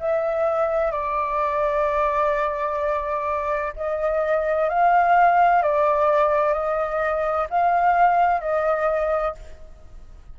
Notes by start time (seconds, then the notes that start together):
0.00 E5
0.92 D5
3.76 D#5
4.69 F5
5.62 D5
6.54 D#5
7.50 F5
8.41 D#5